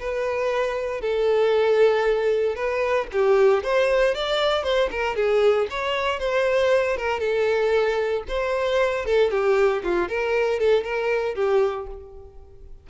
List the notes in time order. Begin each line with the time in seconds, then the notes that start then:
0.00 B4
1.01 A4
2.56 B4
3.13 G4
3.64 C5
4.15 D5
4.64 C5
4.91 A#4
5.16 G#4
5.71 C#5
6.20 C5
6.97 A#4
7.20 A4
8.29 C5
9.06 A4
9.31 G4
9.84 F4
10.09 A#4
10.60 A4
10.84 A#4
11.36 G4